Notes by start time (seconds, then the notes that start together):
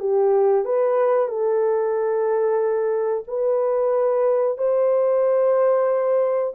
0.00 G4
0.65 B4
1.28 A4
3.28 B4
4.58 C5